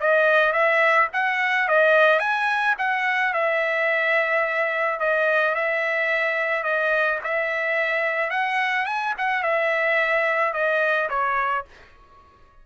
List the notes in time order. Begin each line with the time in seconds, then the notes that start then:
0.00 D#5
0.53 E5
1.13 F#5
1.68 D#5
2.19 G#5
2.78 F#5
3.33 E5
5.00 D#5
5.55 E5
6.63 D#5
7.23 E5
8.30 F#5
8.86 G#5
9.18 F#5
9.43 E5
10.53 D#5
11.09 C#5